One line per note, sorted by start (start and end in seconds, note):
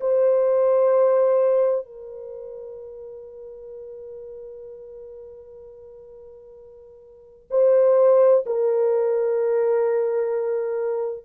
0.00 1.85 C5
1.85 7.48 A#4
7.50 8.44 C5
8.46 11.24 A#4